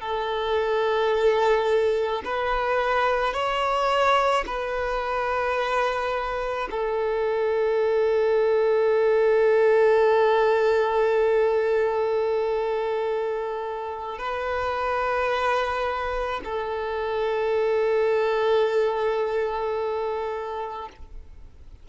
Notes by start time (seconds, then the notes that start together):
0.00 A4
2.25 B4
3.33 C#5
4.46 B4
6.71 A4
14.18 B4
16.44 A4